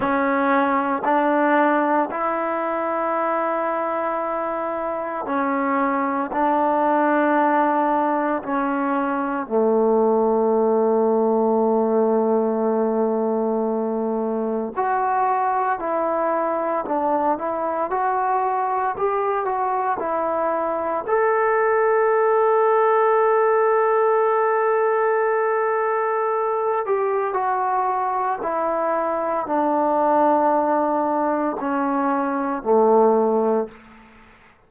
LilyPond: \new Staff \with { instrumentName = "trombone" } { \time 4/4 \tempo 4 = 57 cis'4 d'4 e'2~ | e'4 cis'4 d'2 | cis'4 a2.~ | a2 fis'4 e'4 |
d'8 e'8 fis'4 g'8 fis'8 e'4 | a'1~ | a'4. g'8 fis'4 e'4 | d'2 cis'4 a4 | }